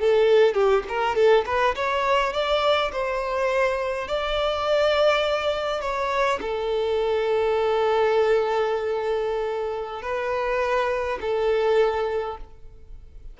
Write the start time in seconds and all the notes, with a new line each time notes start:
0.00 A4
0.54 G4
0.89 A#4
1.16 A4
1.46 B4
1.76 C#5
2.33 D5
2.92 C5
4.08 D5
5.81 C#5
6.41 A4
10.02 B4
11.21 A4